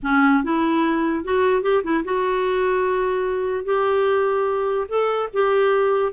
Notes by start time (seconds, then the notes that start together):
0.02 C#4
0.43 E4
1.24 F#4
1.62 G4
1.83 E4
2.04 F#4
3.64 G4
4.88 A4
5.33 G4